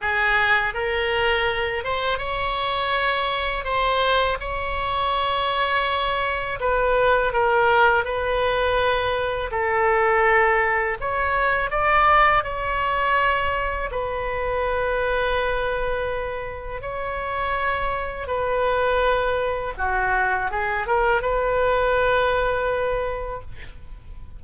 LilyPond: \new Staff \with { instrumentName = "oboe" } { \time 4/4 \tempo 4 = 82 gis'4 ais'4. c''8 cis''4~ | cis''4 c''4 cis''2~ | cis''4 b'4 ais'4 b'4~ | b'4 a'2 cis''4 |
d''4 cis''2 b'4~ | b'2. cis''4~ | cis''4 b'2 fis'4 | gis'8 ais'8 b'2. | }